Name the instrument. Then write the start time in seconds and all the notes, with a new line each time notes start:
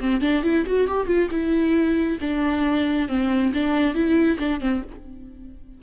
viola
0.00 C4
0.21 D4
0.43 E4
0.66 F#4
0.87 G4
1.07 F4
1.31 E4
2.20 D4
3.08 C4
3.53 D4
3.94 E4
4.38 D4
4.60 C4